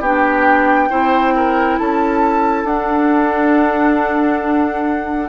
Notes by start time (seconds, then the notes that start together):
0.00 B3 D4 G4 G5
0.89 C4 E4 C5
1.35 A#4
1.78 C#4 A4 A5
2.63 D4 F#5